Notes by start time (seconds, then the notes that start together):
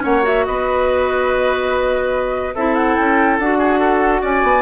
0.00 A#3 C#4 C#5 F#5
0.22 F#4 E5
0.45 B3 B4 D#5
2.55 C4 E4 A4 E5
2.75 F#5
2.96 C#4 G5
3.39 D4 F#4 F#5
3.58 G#4
3.79 A4
4.21 C#4 D5 G#5
4.43 B3